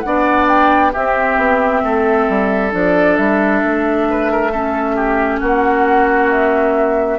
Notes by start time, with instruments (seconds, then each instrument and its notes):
0.00 bassoon B3, clarinet D4, oboe D5, flute F#5
0.47 flute G5
0.92 clarinet C4, bassoon C4, oboe G4, flute E5
1.37 bassoon B3
1.83 bassoon A3, oboe A4
2.29 bassoon G3
2.71 bassoon F3, clarinet D4, flute D5
3.16 bassoon G3, flute E5
3.64 bassoon A3
4.10 oboe B4
4.31 oboe A#4
4.51 clarinet C#4, oboe A4
4.95 oboe G4
5.40 bassoon A#3, oboe F#4, flute F#5
6.30 flute E5